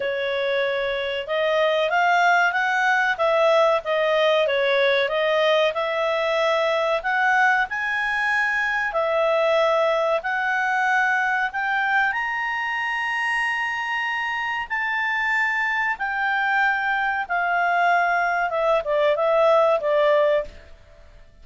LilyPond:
\new Staff \with { instrumentName = "clarinet" } { \time 4/4 \tempo 4 = 94 cis''2 dis''4 f''4 | fis''4 e''4 dis''4 cis''4 | dis''4 e''2 fis''4 | gis''2 e''2 |
fis''2 g''4 ais''4~ | ais''2. a''4~ | a''4 g''2 f''4~ | f''4 e''8 d''8 e''4 d''4 | }